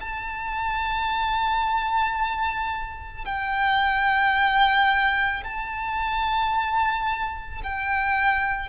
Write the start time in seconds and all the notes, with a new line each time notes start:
0.00 A5
3.25 G5
5.43 A5
7.63 G5